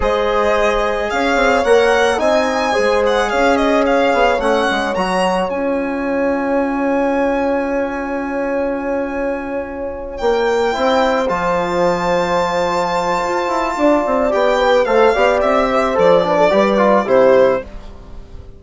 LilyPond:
<<
  \new Staff \with { instrumentName = "violin" } { \time 4/4 \tempo 4 = 109 dis''2 f''4 fis''4 | gis''4. fis''8 f''8 dis''8 f''4 | fis''4 ais''4 gis''2~ | gis''1~ |
gis''2~ gis''8 g''4.~ | g''8 a''2.~ a''8~ | a''2 g''4 f''4 | e''4 d''2 c''4 | }
  \new Staff \with { instrumentName = "horn" } { \time 4/4 c''2 cis''2 | dis''4 c''4 cis''2~ | cis''1~ | cis''1~ |
cis''2.~ cis''8 c''8~ | c''1~ | c''4 d''4. b'8 c''8 d''8~ | d''8 c''4 b'16 a'16 b'4 g'4 | }
  \new Staff \with { instrumentName = "trombone" } { \time 4/4 gis'2. ais'4 | dis'4 gis'2. | cis'4 fis'4 f'2~ | f'1~ |
f'2.~ f'8 e'8~ | e'8 f'2.~ f'8~ | f'2 g'4 a'8 g'8~ | g'4 a'8 d'8 g'8 f'8 e'4 | }
  \new Staff \with { instrumentName = "bassoon" } { \time 4/4 gis2 cis'8 c'8 ais4 | c'4 gis4 cis'4. b8 | a8 gis8 fis4 cis'2~ | cis'1~ |
cis'2~ cis'8 ais4 c'8~ | c'8 f2.~ f8 | f'8 e'8 d'8 c'8 b4 a8 b8 | c'4 f4 g4 c4 | }
>>